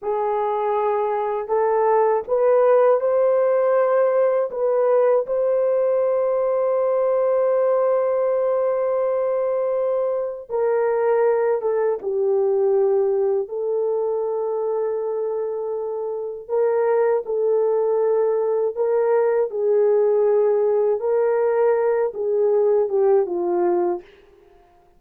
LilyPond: \new Staff \with { instrumentName = "horn" } { \time 4/4 \tempo 4 = 80 gis'2 a'4 b'4 | c''2 b'4 c''4~ | c''1~ | c''2 ais'4. a'8 |
g'2 a'2~ | a'2 ais'4 a'4~ | a'4 ais'4 gis'2 | ais'4. gis'4 g'8 f'4 | }